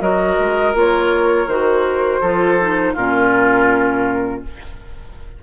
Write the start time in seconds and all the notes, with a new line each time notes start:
0.00 F#3 F#4 A#4 D#5
0.39 G#3
0.74 A#3 F4 C#5
1.47 D#3 F#4 C5
2.21 F3 F4 A4
2.60 D#4
2.93 A#2 C#4 F4 A#4